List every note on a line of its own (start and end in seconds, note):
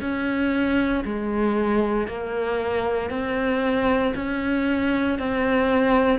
0.00 1.03 C#4
1.04 2.07 G#3
2.07 3.10 A#3
3.10 4.13 C4
4.15 5.18 C#4
5.18 6.19 C4